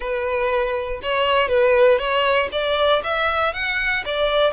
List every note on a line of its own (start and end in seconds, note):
0.00 1.00 B4
1.02 1.48 C#5
1.48 1.98 B4
1.98 2.49 C#5
2.52 3.02 D5
3.03 3.53 E5
3.53 4.04 F#5
4.05 4.53 D5